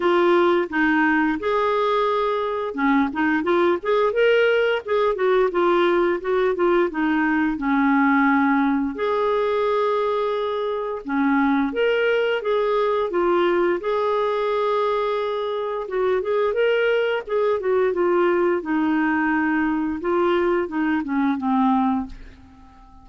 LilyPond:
\new Staff \with { instrumentName = "clarinet" } { \time 4/4 \tempo 4 = 87 f'4 dis'4 gis'2 | cis'8 dis'8 f'8 gis'8 ais'4 gis'8 fis'8 | f'4 fis'8 f'8 dis'4 cis'4~ | cis'4 gis'2. |
cis'4 ais'4 gis'4 f'4 | gis'2. fis'8 gis'8 | ais'4 gis'8 fis'8 f'4 dis'4~ | dis'4 f'4 dis'8 cis'8 c'4 | }